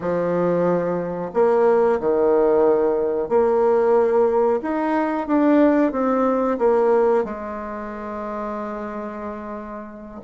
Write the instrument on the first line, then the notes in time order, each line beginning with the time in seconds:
bassoon
0.00 F3
1.33 A#3
2.00 D#3
3.28 A#3
4.62 D#4
5.27 D4
5.92 C4
6.58 A#3
7.24 G#3